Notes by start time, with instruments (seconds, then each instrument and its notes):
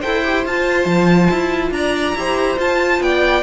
0.00 cello E4, viola A4, violin C5 G5
0.24 viola G4
0.46 cello F4, viola F4, violin A5
0.86 cello F3
1.30 cello E4
1.71 cello D4, violin D5 A#5
2.15 cello E4, viola G4, violin C5
2.58 viola F4, cello F4, violin A5
3.00 cello B3, violin D5 G5